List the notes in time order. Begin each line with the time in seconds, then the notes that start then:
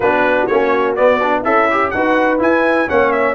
0.00 B3 D4 F#4 B4
0.47 A#3 C#4 C#5
0.95 B3 D5
1.22 D4
1.41 C#4 E4 A4 E5
1.70 G4
1.90 D#4 F#4 B4 F#5
2.38 E4 G#5
2.87 A#3 C#4 C#5 F#5
3.11 E5